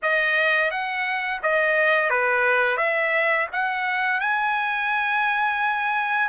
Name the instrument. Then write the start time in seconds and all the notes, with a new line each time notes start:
trumpet
0.02 D#5
0.70 F#5
1.42 D#5
2.10 B4
2.77 E5
3.52 F#5
4.20 G#5